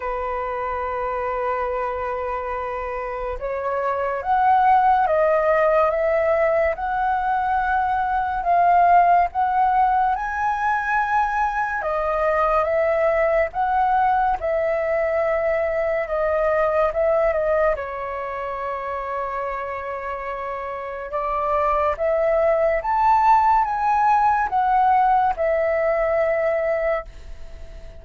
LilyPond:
\new Staff \with { instrumentName = "flute" } { \time 4/4 \tempo 4 = 71 b'1 | cis''4 fis''4 dis''4 e''4 | fis''2 f''4 fis''4 | gis''2 dis''4 e''4 |
fis''4 e''2 dis''4 | e''8 dis''8 cis''2.~ | cis''4 d''4 e''4 a''4 | gis''4 fis''4 e''2 | }